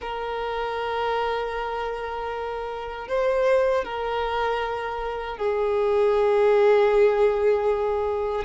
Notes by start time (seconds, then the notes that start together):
0.01 A#4
3.08 C5
3.84 A#4
5.37 G#4